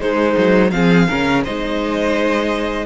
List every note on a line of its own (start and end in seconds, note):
0.00 0.36 G#3
0.00 0.72 G#3
0.00 0.73 D#4
0.00 0.71 C5
0.37 0.72 F#3
0.71 1.08 F3
0.71 1.09 C4
0.71 1.08 G#4
0.71 1.42 F5
1.08 1.46 C#3
1.08 1.44 C#4
1.08 1.44 A#4
1.44 2.86 G#3
1.44 2.86 D#4
1.44 2.86 C5
1.44 2.86 D#5